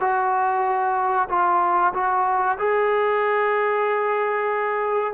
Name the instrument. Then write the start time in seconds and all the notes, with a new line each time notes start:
trombone
0.00 F#4
1.29 F4
1.94 F#4
2.59 G#4